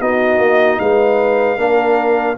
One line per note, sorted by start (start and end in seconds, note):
0.00 0.38 B3
0.00 1.57 D#4
0.00 0.79 F#4
0.00 0.79 D#5
0.38 0.77 A#3
0.79 1.57 G#3
0.79 1.59 B4
0.79 2.37 F5
1.57 2.36 A#3
1.57 2.36 D4
1.57 2.37 A#4